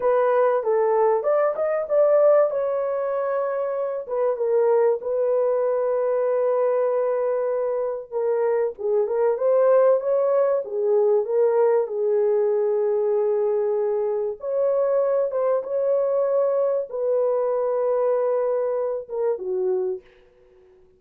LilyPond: \new Staff \with { instrumentName = "horn" } { \time 4/4 \tempo 4 = 96 b'4 a'4 d''8 dis''8 d''4 | cis''2~ cis''8 b'8 ais'4 | b'1~ | b'4 ais'4 gis'8 ais'8 c''4 |
cis''4 gis'4 ais'4 gis'4~ | gis'2. cis''4~ | cis''8 c''8 cis''2 b'4~ | b'2~ b'8 ais'8 fis'4 | }